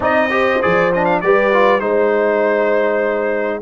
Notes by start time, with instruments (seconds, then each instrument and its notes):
0.00 tuba C4, trombone D#4, horn D5, trumpet D#5
0.30 trombone G4, horn C5
0.62 tuba F3, trombone G#4, trumpet D5
0.93 trombone D4, trumpet D#5
1.05 trumpet F5
1.20 tuba G3, trombone G4, horn B4, trumpet D5
1.52 trombone F4
1.79 tuba G#3, trombone D#4, trumpet C5, horn C5